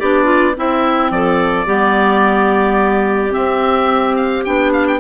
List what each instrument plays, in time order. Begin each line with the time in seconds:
0.00 bassoon B3, clarinet D4 G4, oboe D5
0.25 clarinet F4
0.55 clarinet C4 E4, bassoon C4, oboe E5
1.11 bassoon F3, clarinet A4, oboe D5
1.66 bassoon G3, clarinet B3 G4
3.30 clarinet C4, oboe E5
3.36 bassoon C4
4.16 oboe F5
4.45 bassoon B3, clarinet D4, oboe G5
4.73 oboe F5
4.88 oboe G5